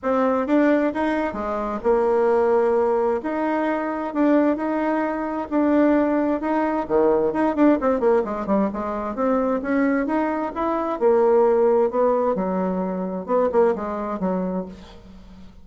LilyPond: \new Staff \with { instrumentName = "bassoon" } { \time 4/4 \tempo 4 = 131 c'4 d'4 dis'4 gis4 | ais2. dis'4~ | dis'4 d'4 dis'2 | d'2 dis'4 dis4 |
dis'8 d'8 c'8 ais8 gis8 g8 gis4 | c'4 cis'4 dis'4 e'4 | ais2 b4 fis4~ | fis4 b8 ais8 gis4 fis4 | }